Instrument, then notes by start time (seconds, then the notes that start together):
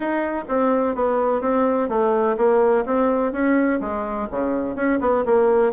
bassoon
0.00 D#4
0.48 C4
0.95 B3
1.41 C4
1.89 A3
2.37 A#3
2.85 C4
3.32 C#4
3.80 G#3
4.31 C#3
4.75 C#4
5.00 B3
5.25 A#3